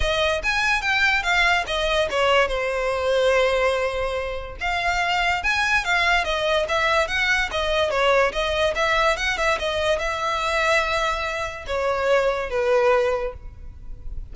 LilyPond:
\new Staff \with { instrumentName = "violin" } { \time 4/4 \tempo 4 = 144 dis''4 gis''4 g''4 f''4 | dis''4 cis''4 c''2~ | c''2. f''4~ | f''4 gis''4 f''4 dis''4 |
e''4 fis''4 dis''4 cis''4 | dis''4 e''4 fis''8 e''8 dis''4 | e''1 | cis''2 b'2 | }